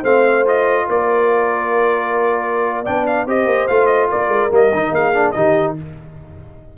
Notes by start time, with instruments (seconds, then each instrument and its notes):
0.00 tuba A3, trombone C4, horn C5, trumpet F5
0.45 trombone F4, trumpet D#5
0.87 tuba A#3, horn A#4, trumpet D5
2.82 tuba B3, trombone D4, horn D5, trumpet G5
3.06 trumpet F5
3.25 tuba C4, trombone G4, horn C5, trumpet D#5
3.45 tuba A#3
3.67 tuba A3, trombone F4, trumpet F5
3.86 trumpet D#5
4.09 tuba A#3, horn A#4, trumpet D5
4.27 tuba G#3
4.50 tuba G3, trombone A#3, trumpet D#5
4.72 tuba D#3, trombone D#4
4.91 tuba A#3, horn G#4, trumpet F5
5.13 trombone D4
5.31 tuba D#3, trombone D#4, horn G4, trumpet D#5